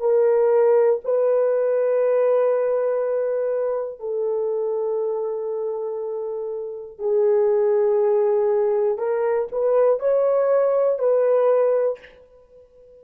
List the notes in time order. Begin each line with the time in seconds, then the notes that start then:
0.00 A#4
1.05 B4
4.00 A4
6.99 G#4
8.98 A#4
9.52 B4
10.00 C#5
10.99 B4